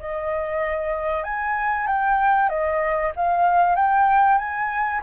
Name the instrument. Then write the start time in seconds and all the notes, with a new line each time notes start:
flute
0.00 D#5
1.24 G#5
1.87 G5
2.49 D#5
3.16 F5
3.76 G5
4.38 G#5